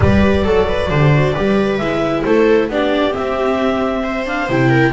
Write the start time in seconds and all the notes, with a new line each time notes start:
0.00 G3 G4 B4 D5
0.43 F#3 A4
0.67 B4
0.90 D3 G4 C5
1.14 F#4
1.32 G3 G4 B4
1.78 G#3 E4 E5
2.23 A3 A4 C5
2.68 B3 D4 G4 D5
3.10 C4 E5
3.17 C4
4.03 C5
4.25 D4 F5
4.49 C3 E4 G5
4.69 A#4